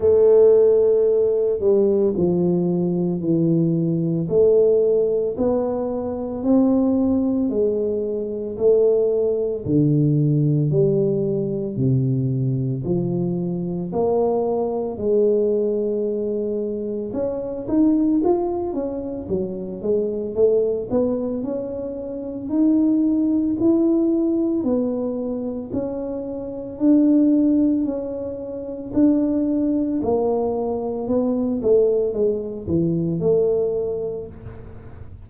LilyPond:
\new Staff \with { instrumentName = "tuba" } { \time 4/4 \tempo 4 = 56 a4. g8 f4 e4 | a4 b4 c'4 gis4 | a4 d4 g4 c4 | f4 ais4 gis2 |
cis'8 dis'8 f'8 cis'8 fis8 gis8 a8 b8 | cis'4 dis'4 e'4 b4 | cis'4 d'4 cis'4 d'4 | ais4 b8 a8 gis8 e8 a4 | }